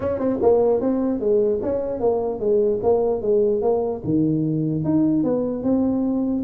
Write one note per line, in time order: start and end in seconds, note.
0.00 0.18 C#4
0.18 0.38 C4
0.42 0.80 A#3
0.80 1.19 C4
1.19 1.59 G#3
1.62 1.99 C#4
1.99 2.39 A#3
2.39 2.79 G#3
2.82 3.21 A#3
3.21 3.61 G#3
3.61 4.01 A#3
4.04 4.84 D#3
4.84 5.23 D#4
5.23 5.63 B3
5.63 6.43 C4